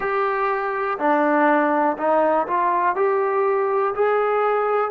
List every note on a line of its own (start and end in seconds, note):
0.00 0.98 G4
0.98 1.97 D4
1.97 2.46 D#4
2.47 2.95 F4
2.95 3.93 G4
3.94 4.90 G#4